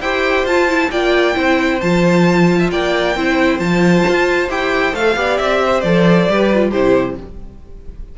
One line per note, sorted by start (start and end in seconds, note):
0.00 0.44 E4
0.00 0.48 G4
0.00 0.90 C5
0.00 0.46 G5
0.44 0.89 F4
0.44 0.68 F4
0.44 0.91 A5
0.68 0.91 E4
0.91 1.36 A#3
0.91 1.34 F4
0.91 1.35 D5
0.91 1.80 G5
1.34 1.81 C4
1.34 1.79 E4
1.34 2.58 C5
1.80 2.71 F3
1.80 3.16 F4
1.80 2.70 A5
2.58 2.69 E5
2.70 3.15 A#3
2.70 3.16 D5
2.70 3.59 G5
3.15 3.59 C4
3.15 3.59 E4
3.15 5.17 C5
3.59 4.04 F3
3.59 4.48 F4
3.59 4.48 A5
4.08 4.49 F4
4.49 4.93 E4
4.49 4.92 G4
4.49 4.95 G5
4.92 5.15 A3
4.92 5.15 A4
4.92 5.37 F5
5.15 5.38 B3
5.15 5.83 G4
5.15 5.63 D5
5.37 5.83 C4
5.37 5.80 E5
5.65 6.32 C5
5.80 6.28 F3
5.80 6.29 A4
5.80 6.70 D5
6.29 6.72 G3
6.29 6.51 G4
6.29 6.70 B4
6.53 6.73 F4
6.70 7.17 C3
6.70 7.18 E4
6.70 7.15 G4
6.70 7.16 C5